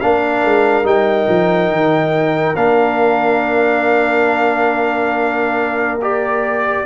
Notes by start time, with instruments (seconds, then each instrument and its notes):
0.00 tuba A#3, trombone D4, horn A#4, trumpet F5
0.44 tuba G#3
0.83 tuba G3, trombone D#4, trumpet G5
1.28 tuba F3
1.70 tuba D#3
2.55 tuba A#3, trombone D4, trumpet F5
6.01 trombone G4, trumpet D5